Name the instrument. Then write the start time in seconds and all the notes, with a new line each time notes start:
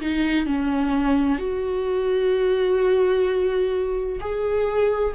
viola
0.00 D#4
0.46 C#4
1.38 F#4
4.20 G#4